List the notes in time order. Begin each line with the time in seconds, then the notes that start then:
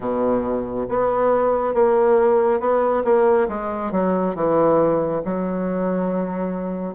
0.00 B2
0.89 B3
1.74 A#3
2.59 B3
3.04 A#3
3.48 G#3
3.91 F#3
4.35 E3
5.24 F#3